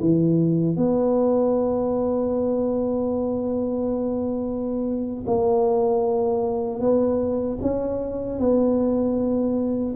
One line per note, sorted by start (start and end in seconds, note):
0.00 0.77 E3
0.77 5.25 B3
5.27 6.80 A#3
6.80 7.58 B3
7.62 8.39 C#4
8.39 9.95 B3